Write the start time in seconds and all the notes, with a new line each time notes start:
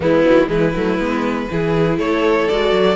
0.00 E3 G#3 B3 E4
0.24 D#3 F#3
0.46 E3 G#3 E4 B4
0.75 F#3 A3
0.98 G#3 B3
1.50 E3 E4 G#4
1.98 A3 A4 C#5
2.48 G#3 F#4 D5
2.71 F#3